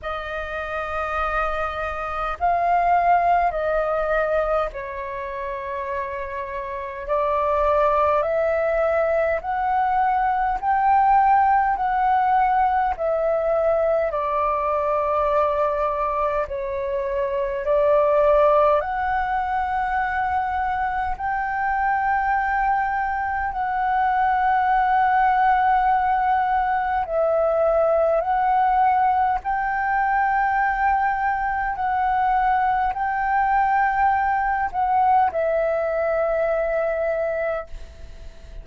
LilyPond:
\new Staff \with { instrumentName = "flute" } { \time 4/4 \tempo 4 = 51 dis''2 f''4 dis''4 | cis''2 d''4 e''4 | fis''4 g''4 fis''4 e''4 | d''2 cis''4 d''4 |
fis''2 g''2 | fis''2. e''4 | fis''4 g''2 fis''4 | g''4. fis''8 e''2 | }